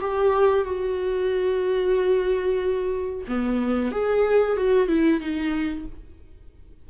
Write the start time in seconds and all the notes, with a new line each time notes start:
0.00 G4
0.64 F#4
3.28 B3
3.91 G#4
4.56 F#4
4.87 E4
5.20 D#4